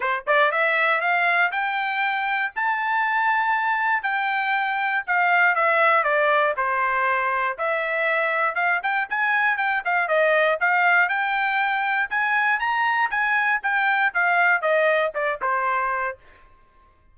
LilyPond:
\new Staff \with { instrumentName = "trumpet" } { \time 4/4 \tempo 4 = 119 c''8 d''8 e''4 f''4 g''4~ | g''4 a''2. | g''2 f''4 e''4 | d''4 c''2 e''4~ |
e''4 f''8 g''8 gis''4 g''8 f''8 | dis''4 f''4 g''2 | gis''4 ais''4 gis''4 g''4 | f''4 dis''4 d''8 c''4. | }